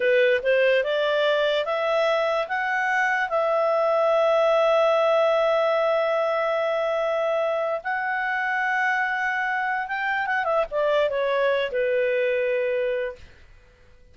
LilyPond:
\new Staff \with { instrumentName = "clarinet" } { \time 4/4 \tempo 4 = 146 b'4 c''4 d''2 | e''2 fis''2 | e''1~ | e''1~ |
e''2. fis''4~ | fis''1 | g''4 fis''8 e''8 d''4 cis''4~ | cis''8 b'2.~ b'8 | }